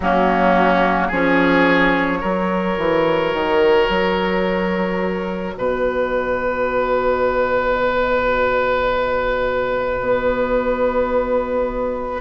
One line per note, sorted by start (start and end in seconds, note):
0.00 1.11 F#3
0.00 1.12 A#3
0.00 1.07 C#4
0.00 1.11 F#4
1.07 2.22 F3
1.07 2.20 C#4
1.07 2.19 G#4
1.07 5.56 C#5
2.20 2.78 F#3
2.20 12.20 F#4
2.20 5.54 A#4
2.78 3.33 E3
3.33 3.88 D#3
3.88 5.55 F#3
5.56 10.00 B2
5.56 12.20 B4
5.56 12.20 D#5
10.00 12.20 B3